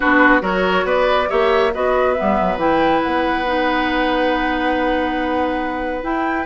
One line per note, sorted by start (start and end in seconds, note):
0.00 0.41 B3
0.00 0.40 D4
0.00 0.42 F#4
0.00 0.42 B4
0.40 0.84 F#3
0.40 1.26 F#4
0.40 0.85 A#4
0.40 0.87 C#5
0.84 1.27 B3
0.84 1.29 B4
0.84 1.30 D5
1.28 1.75 A#3
1.28 1.71 G4
1.28 1.72 C#5
1.28 1.73 E5
1.73 2.18 B3
1.73 2.16 F#4
1.73 6.45 B4
1.73 2.13 D#5
2.13 2.58 B3
2.13 2.56 E5
2.20 2.40 G3
2.40 2.56 F#3
2.56 3.00 E3
2.56 3.45 E4
2.56 3.01 G5
3.01 6.03 B3
3.01 6.04 F#5
3.46 6.02 D#4
6.02 6.45 E4
6.02 6.45 G5